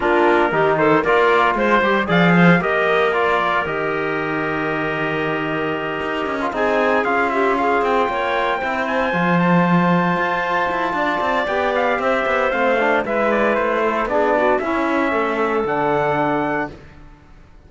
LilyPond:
<<
  \new Staff \with { instrumentName = "trumpet" } { \time 4/4 \tempo 4 = 115 ais'4. c''8 d''4 c''4 | f''4 dis''4 d''4 dis''4~ | dis''1~ | dis''8 gis''4 f''8 e''8 f''8 g''4~ |
g''4 gis''4 a''2~ | a''2 g''8 f''8 e''4 | f''4 e''8 d''8 c''4 d''4 | e''2 fis''2 | }
  \new Staff \with { instrumentName = "clarinet" } { \time 4/4 f'4 g'8 a'8 ais'4 c''4 | d''8 c''8 ais'2.~ | ais'1~ | ais'8 gis'4. g'8 gis'4 cis''8~ |
cis''8 c''2.~ c''8~ | c''4 d''2 c''4~ | c''4 b'4. a'8 gis'8 fis'8 | e'4 a'2. | }
  \new Staff \with { instrumentName = "trombone" } { \time 4/4 d'4 dis'4 f'4. g'8 | gis'4 g'4 f'4 g'4~ | g'1~ | g'16 f'16 dis'4 f'2~ f'8~ |
f'8 e'4 f'2~ f'8~ | f'2 g'2 | c'8 d'8 e'2 d'4 | cis'2 d'2 | }
  \new Staff \with { instrumentName = "cello" } { \time 4/4 ais4 dis4 ais4 gis8 g8 | f4 ais2 dis4~ | dis2.~ dis8 dis'8 | cis'8 c'4 cis'4. c'8 ais8~ |
ais8 c'4 f2 f'8~ | f'8 e'8 d'8 c'8 b4 c'8 b8 | a4 gis4 a4 b4 | cis'4 a4 d2 | }
>>